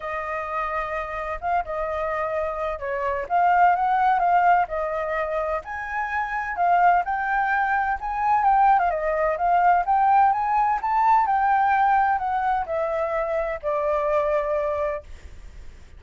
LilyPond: \new Staff \with { instrumentName = "flute" } { \time 4/4 \tempo 4 = 128 dis''2. f''8 dis''8~ | dis''2 cis''4 f''4 | fis''4 f''4 dis''2 | gis''2 f''4 g''4~ |
g''4 gis''4 g''8. f''16 dis''4 | f''4 g''4 gis''4 a''4 | g''2 fis''4 e''4~ | e''4 d''2. | }